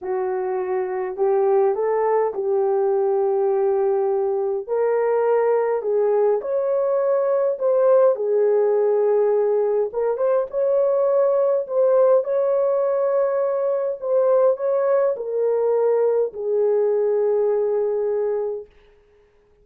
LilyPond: \new Staff \with { instrumentName = "horn" } { \time 4/4 \tempo 4 = 103 fis'2 g'4 a'4 | g'1 | ais'2 gis'4 cis''4~ | cis''4 c''4 gis'2~ |
gis'4 ais'8 c''8 cis''2 | c''4 cis''2. | c''4 cis''4 ais'2 | gis'1 | }